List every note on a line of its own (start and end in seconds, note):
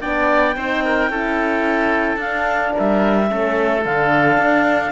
0.00 0.56 B3
0.00 0.55 D4
0.00 0.55 D5
0.00 2.18 G5
0.56 1.09 C4
0.56 1.10 D#4
0.56 0.83 C5
0.84 1.10 A#4
1.09 2.16 C#4
1.09 2.17 E4
1.09 2.73 A4
2.16 2.71 D4
2.16 3.26 D4
2.16 2.74 F5
2.73 3.27 A#4
2.73 3.84 E5
2.79 3.31 G3
3.27 3.85 A3
3.27 3.82 C#4
3.27 4.91 A4
3.84 4.37 D3
3.84 4.91 D4
3.84 4.91 F5
4.37 4.91 D4